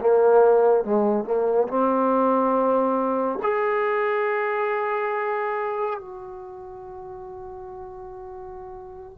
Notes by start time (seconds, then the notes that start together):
0.00 A#3
0.84 G#3
1.24 A#3
1.68 C4
3.42 G#4
6.00 F#4